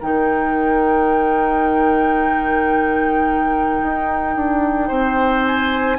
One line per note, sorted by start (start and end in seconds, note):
0.00 3.83 D#3
0.00 5.99 D#4
0.00 4.88 A#4
0.00 5.46 G5
3.83 4.36 D#4
4.36 4.90 D4
4.88 5.99 C4
4.88 5.97 C5
5.46 5.99 G#5